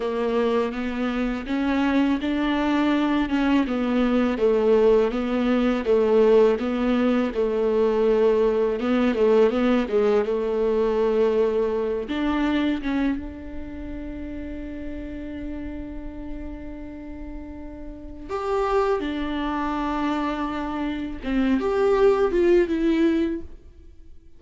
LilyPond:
\new Staff \with { instrumentName = "viola" } { \time 4/4 \tempo 4 = 82 ais4 b4 cis'4 d'4~ | d'8 cis'8 b4 a4 b4 | a4 b4 a2 | b8 a8 b8 gis8 a2~ |
a8 d'4 cis'8 d'2~ | d'1~ | d'4 g'4 d'2~ | d'4 c'8 g'4 f'8 e'4 | }